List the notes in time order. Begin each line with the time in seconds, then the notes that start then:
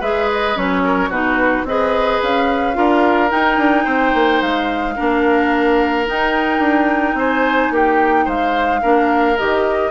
0.00 G#3 G#4 B4 E5
0.32 D#5
0.55 F#3 C#4 C#5
0.84 A#4
1.09 B2 D#4 F#4 B4
1.64 C4 G#4 B4 D#5
2.22 C#4 F5
2.74 D4 F4 A#4
3.29 D#4 G5
3.58 D4
3.84 C4 C5
4.14 A#3
4.42 G#3 F5
4.96 A#3 D4 A#4
6.06 D#4 G5
6.59 D4
7.14 C4 C5 G#5
7.71 A#3 G4 G5
8.25 G#3 C5 F5
8.82 A#3 D4 A#4
9.38 D#3 G4 D#5